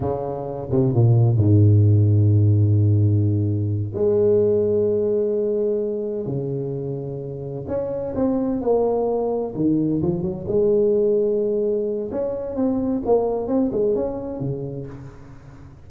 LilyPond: \new Staff \with { instrumentName = "tuba" } { \time 4/4 \tempo 4 = 129 cis4. c8 ais,4 gis,4~ | gis,1~ | gis,8 gis2.~ gis8~ | gis4. cis2~ cis8~ |
cis8 cis'4 c'4 ais4.~ | ais8 dis4 f8 fis8 gis4.~ | gis2 cis'4 c'4 | ais4 c'8 gis8 cis'4 cis4 | }